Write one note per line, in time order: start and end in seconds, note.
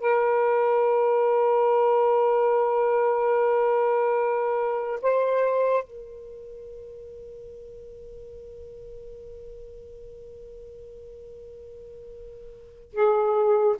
0.00 5.00 A#4
5.02 5.84 C5
5.84 12.92 A#4
12.93 13.76 G#4